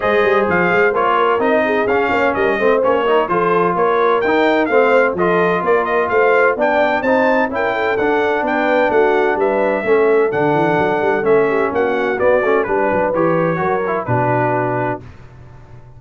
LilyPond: <<
  \new Staff \with { instrumentName = "trumpet" } { \time 4/4 \tempo 4 = 128 dis''4 f''4 cis''4 dis''4 | f''4 dis''4 cis''4 c''4 | cis''4 g''4 f''4 dis''4 | d''8 dis''8 f''4 g''4 a''4 |
g''4 fis''4 g''4 fis''4 | e''2 fis''2 | e''4 fis''4 d''4 b'4 | cis''2 b'2 | }
  \new Staff \with { instrumentName = "horn" } { \time 4/4 c''2~ c''8 ais'4 gis'8~ | gis'8 cis''8 ais'8 c''4 ais'8 a'4 | ais'2 c''4 a'4 | ais'4 c''4 d''4 c''4 |
ais'8 a'4. b'4 fis'4 | b'4 a'2.~ | a'8 g'8 fis'2 b'4~ | b'4 ais'4 fis'2 | }
  \new Staff \with { instrumentName = "trombone" } { \time 4/4 gis'2 f'4 dis'4 | cis'4. c'8 cis'8 dis'8 f'4~ | f'4 dis'4 c'4 f'4~ | f'2 d'4 dis'4 |
e'4 d'2.~ | d'4 cis'4 d'2 | cis'2 b8 cis'8 d'4 | g'4 fis'8 e'8 d'2 | }
  \new Staff \with { instrumentName = "tuba" } { \time 4/4 gis8 g8 f8 gis8 ais4 c'4 | cis'8 ais8 g8 a8 ais4 f4 | ais4 dis'4 a4 f4 | ais4 a4 b4 c'4 |
cis'4 d'4 b4 a4 | g4 a4 d8 e8 fis8 g8 | a4 ais4 b8 a8 g8 fis8 | e4 fis4 b,2 | }
>>